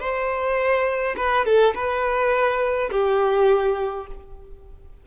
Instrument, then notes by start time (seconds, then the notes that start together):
violin
0.00 C5
1.17 B4
1.45 A4
1.75 B4
2.92 G4